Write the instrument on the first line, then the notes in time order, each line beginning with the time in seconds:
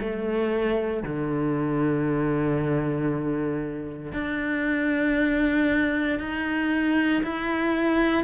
cello
0.00 A3
1.03 D3
4.12 D4
6.19 D#4
7.23 E4